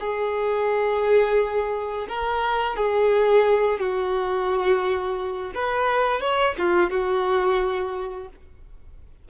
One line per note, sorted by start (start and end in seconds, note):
0.00 2.07 G#4
2.08 2.76 A#4
2.76 3.79 G#4
3.79 5.52 F#4
5.54 6.20 B4
6.20 6.55 C#5
6.58 6.90 F4
6.90 8.28 F#4